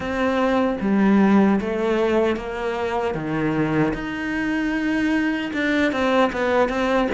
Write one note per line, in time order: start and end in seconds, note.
0.00 0.77 C4
0.81 1.60 G3
1.60 2.36 A3
2.36 3.14 A#3
3.14 3.93 D#3
3.93 5.51 D#4
5.53 5.91 D4
5.91 6.31 C4
6.32 6.68 B3
6.68 7.08 C4